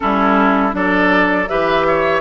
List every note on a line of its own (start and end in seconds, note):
0.00 0.73 G3
0.00 0.71 C#4
0.00 0.75 E4
0.00 0.74 A4
0.71 1.48 F#3
0.71 1.46 D4
0.71 1.49 A4
0.71 1.48 D5
1.48 2.20 E3
1.48 2.20 G4
1.48 1.86 B4
1.48 2.20 E5
1.87 2.20 C#5